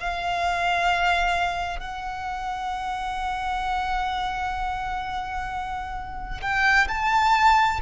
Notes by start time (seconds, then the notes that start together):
0.00 F5
1.79 F#5
6.41 G5
6.88 A5